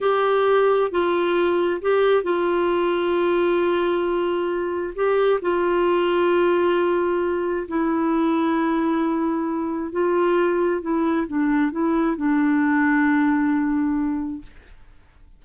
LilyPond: \new Staff \with { instrumentName = "clarinet" } { \time 4/4 \tempo 4 = 133 g'2 f'2 | g'4 f'2.~ | f'2. g'4 | f'1~ |
f'4 e'2.~ | e'2 f'2 | e'4 d'4 e'4 d'4~ | d'1 | }